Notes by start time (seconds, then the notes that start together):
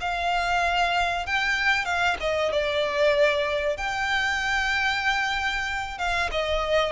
0.00 F5
1.26 G5
1.85 F5
2.20 D#5
2.51 D5
3.77 G5
5.98 F5
6.31 D#5